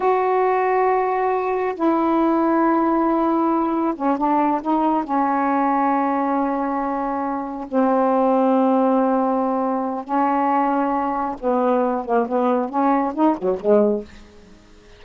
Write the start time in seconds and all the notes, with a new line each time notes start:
0.00 F#4
1.75 E4
3.95 C#4
4.17 D4
4.61 D#4
5.04 C#4
7.68 C4
10.04 C#4
11.40 B3
12.05 A#3
12.28 B3
12.69 C#4
13.14 D#4
13.37 F#3
13.60 G#3